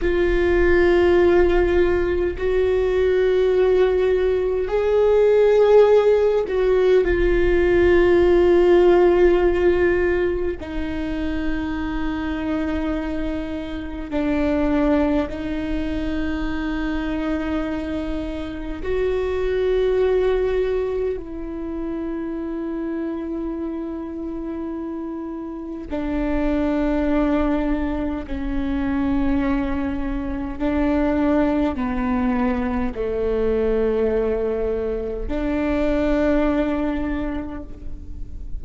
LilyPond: \new Staff \with { instrumentName = "viola" } { \time 4/4 \tempo 4 = 51 f'2 fis'2 | gis'4. fis'8 f'2~ | f'4 dis'2. | d'4 dis'2. |
fis'2 e'2~ | e'2 d'2 | cis'2 d'4 b4 | a2 d'2 | }